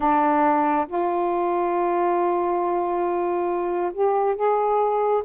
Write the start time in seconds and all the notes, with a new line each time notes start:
0.00 D4
0.87 F4
3.93 G4
4.35 G#4